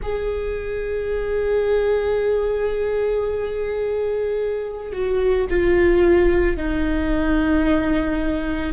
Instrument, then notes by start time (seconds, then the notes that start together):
viola
0.02 G#4
4.92 F#4
5.49 F4
6.57 D#4